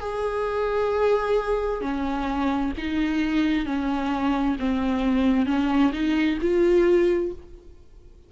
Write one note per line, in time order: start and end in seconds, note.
0.00 1.81 G#4
1.81 2.72 C#4
2.78 3.66 D#4
3.66 4.57 C#4
4.60 5.46 C4
5.46 5.92 C#4
5.93 6.38 D#4
6.41 7.32 F4